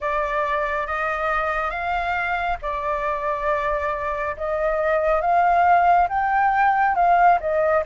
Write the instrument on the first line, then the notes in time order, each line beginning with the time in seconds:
flute
0.00 D5
0.87 D#5
1.70 F5
2.62 D5
4.37 D#5
5.21 F5
6.09 G5
6.95 F5
7.40 D#5